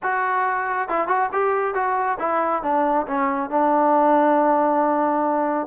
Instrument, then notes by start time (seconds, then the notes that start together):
trombone
0.02 F#4
0.88 E4
1.07 F#4
1.32 G4
1.74 F#4
2.19 E4
2.62 D4
3.07 C#4
3.50 D4